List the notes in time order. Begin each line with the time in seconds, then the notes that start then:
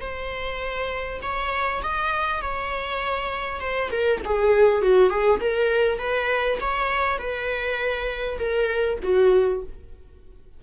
0.00 C5
1.22 C#5
1.83 D#5
2.41 C#5
3.60 C5
3.91 A#4
4.25 G#4
4.81 F#4
5.09 G#4
5.40 A#4
5.98 B4
6.60 C#5
7.18 B4
8.39 A#4
9.02 F#4